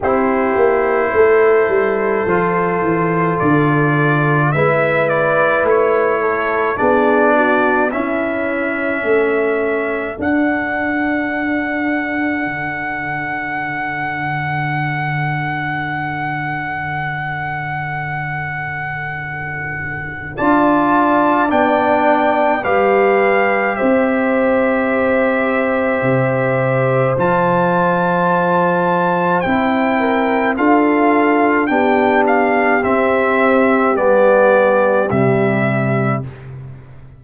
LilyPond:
<<
  \new Staff \with { instrumentName = "trumpet" } { \time 4/4 \tempo 4 = 53 c''2. d''4 | e''8 d''8 cis''4 d''4 e''4~ | e''4 fis''2.~ | fis''1~ |
fis''2 a''4 g''4 | f''4 e''2. | a''2 g''4 f''4 | g''8 f''8 e''4 d''4 e''4 | }
  \new Staff \with { instrumentName = "horn" } { \time 4/4 g'4 a'2. | b'4. a'8 gis'8 fis'8 e'4 | a'1~ | a'1~ |
a'2 d''2 | b'4 c''2.~ | c''2~ c''8 ais'8 a'4 | g'1 | }
  \new Staff \with { instrumentName = "trombone" } { \time 4/4 e'2 f'2 | e'2 d'4 cis'4~ | cis'4 d'2.~ | d'1~ |
d'2 f'4 d'4 | g'1 | f'2 e'4 f'4 | d'4 c'4 b4 g4 | }
  \new Staff \with { instrumentName = "tuba" } { \time 4/4 c'8 ais8 a8 g8 f8 e8 d4 | gis4 a4 b4 cis'4 | a4 d'2 d4~ | d1~ |
d2 d'4 b4 | g4 c'2 c4 | f2 c'4 d'4 | b4 c'4 g4 c4 | }
>>